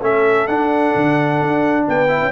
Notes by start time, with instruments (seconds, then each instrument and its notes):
0.00 tuba A3, trombone C#4, horn A4, trumpet E5
0.47 tuba D4, trombone D4, trumpet F#5
0.95 tuba D3
1.41 tuba D4
1.87 tuba B3, horn B4, trumpet G5
2.08 trombone E4
2.22 tuba C#4